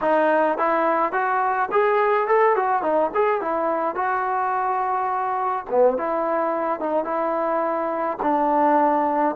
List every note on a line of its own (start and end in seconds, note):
0.01 0.57 D#4
0.57 1.12 E4
1.12 1.69 F#4
1.71 2.27 G#4
2.27 2.55 A4
2.55 2.82 F#4
2.82 3.10 D#4
3.14 3.41 G#4
3.41 3.95 E4
3.95 5.64 F#4
5.70 5.97 B3
5.97 6.80 E4
6.80 7.04 D#4
7.04 8.17 E4
8.22 9.35 D4